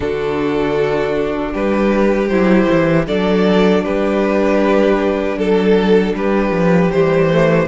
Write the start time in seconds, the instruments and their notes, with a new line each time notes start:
0.00 cello D3, viola D4, violin F#4 A4
1.52 cello G3, violin G4 B4
2.28 cello F#3, viola E4, violin C5
2.69 cello E3
3.06 cello F#3, viola D4, violin A4 D5
3.84 cello G3, violin G4 B4
5.36 cello F#3, violin A4
6.14 cello G3, violin G4 B4
6.50 cello F3
6.91 cello E3, viola G3, violin C5
7.30 viola A3